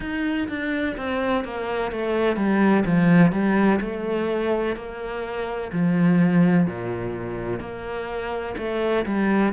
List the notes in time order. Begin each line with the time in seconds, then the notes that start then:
0.00 D#4
0.48 D4
0.97 C4
1.44 A#3
1.91 A3
2.36 G3
2.85 F3
3.32 G3
3.81 A3
4.76 A#3
5.72 F3
6.66 A#2
7.60 A#3
8.57 A3
9.05 G3